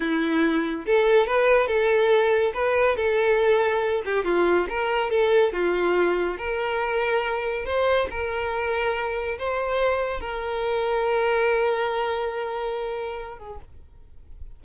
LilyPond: \new Staff \with { instrumentName = "violin" } { \time 4/4 \tempo 4 = 141 e'2 a'4 b'4 | a'2 b'4 a'4~ | a'4. g'8 f'4 ais'4 | a'4 f'2 ais'4~ |
ais'2 c''4 ais'4~ | ais'2 c''2 | ais'1~ | ais'2.~ ais'8 gis'8 | }